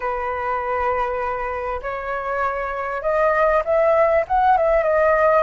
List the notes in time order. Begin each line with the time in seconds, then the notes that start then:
0.00 B4
1.82 C#5
3.02 D#5
3.64 E5
4.27 F#5
4.57 E5
4.83 D#5